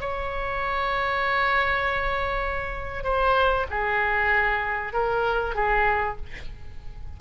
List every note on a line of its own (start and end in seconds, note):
0.00 3.04 C#5
3.04 3.66 C5
3.70 4.93 G#4
4.93 5.55 A#4
5.55 6.17 G#4